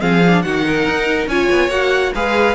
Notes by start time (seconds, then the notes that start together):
0.00 F3 C4 G#4 F5
0.27 D4
0.43 D#3 D#4 F#4 F#5
0.67 A#4
0.88 D#4
1.27 C#4 F4 C#5 G#5
1.51 B3
1.69 A#3 F#4 F#5
2.15 G#3 G#4 B4 F5